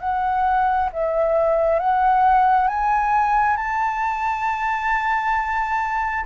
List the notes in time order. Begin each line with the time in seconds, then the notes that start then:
0.00 F#5
0.92 E5
1.79 F#5
2.68 G#5
3.57 A5